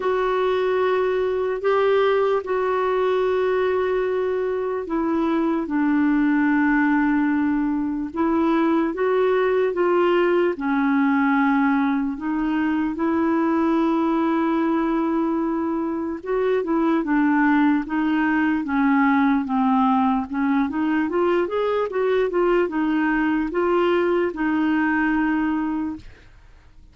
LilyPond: \new Staff \with { instrumentName = "clarinet" } { \time 4/4 \tempo 4 = 74 fis'2 g'4 fis'4~ | fis'2 e'4 d'4~ | d'2 e'4 fis'4 | f'4 cis'2 dis'4 |
e'1 | fis'8 e'8 d'4 dis'4 cis'4 | c'4 cis'8 dis'8 f'8 gis'8 fis'8 f'8 | dis'4 f'4 dis'2 | }